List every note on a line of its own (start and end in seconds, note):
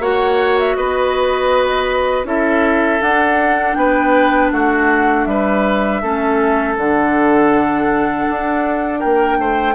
0.00 0.75 A#3
0.00 2.25 F#4
0.00 0.77 C#5
0.00 0.59 F#5
0.59 0.76 E5
0.76 2.25 B3
0.76 2.27 B4
0.76 2.26 D#5
2.25 3.00 C#4
2.25 3.00 E4
2.25 3.78 A4
2.25 3.02 E5
3.02 3.77 D4
3.02 6.03 D4
3.02 3.75 F#5
3.75 4.52 B3
3.75 4.53 B4
3.75 4.50 G5
4.52 5.27 A3
4.52 5.28 F#4
4.52 5.25 F#5
5.25 6.02 G3
5.25 6.03 B4
5.25 6.75 E5
6.03 6.77 A3
6.03 6.78 C#4
6.03 9.00 A4
6.77 8.27 D3
6.77 9.75 D4
6.77 9.01 F#5
8.30 9.05 D4
9.00 9.39 A#3
9.00 9.37 A#4
9.00 9.75 G5
9.39 9.75 A3
9.39 9.75 C5